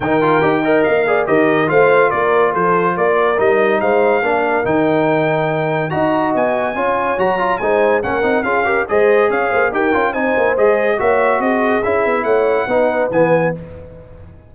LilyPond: <<
  \new Staff \with { instrumentName = "trumpet" } { \time 4/4 \tempo 4 = 142 g''2 f''4 dis''4 | f''4 d''4 c''4 d''4 | dis''4 f''2 g''4~ | g''2 ais''4 gis''4~ |
gis''4 ais''4 gis''4 fis''4 | f''4 dis''4 f''4 g''4 | gis''4 dis''4 e''4 dis''4 | e''4 fis''2 gis''4 | }
  \new Staff \with { instrumentName = "horn" } { \time 4/4 ais'4. dis''4 d''8 ais'4 | c''4 ais'4 a'4 ais'4~ | ais'4 c''4 ais'2~ | ais'2 dis''2 |
cis''2 c''4 ais'4 | gis'8 ais'8 c''4 cis''8 c''8 ais'4 | c''2 cis''4 gis'4~ | gis'4 cis''4 b'2 | }
  \new Staff \with { instrumentName = "trombone" } { \time 4/4 dis'8 f'8 g'8 ais'4 gis'8 g'4 | f'1 | dis'2 d'4 dis'4~ | dis'2 fis'2 |
f'4 fis'8 f'8 dis'4 cis'8 dis'8 | f'8 g'8 gis'2 g'8 f'8 | dis'4 gis'4 fis'2 | e'2 dis'4 b4 | }
  \new Staff \with { instrumentName = "tuba" } { \time 4/4 dis4 dis'4 ais4 dis4 | a4 ais4 f4 ais4 | g4 gis4 ais4 dis4~ | dis2 dis'4 b4 |
cis'4 fis4 gis4 ais8 c'8 | cis'4 gis4 cis'8 ais8 dis'8 cis'8 | c'8 ais8 gis4 ais4 c'4 | cis'8 b8 a4 b4 e4 | }
>>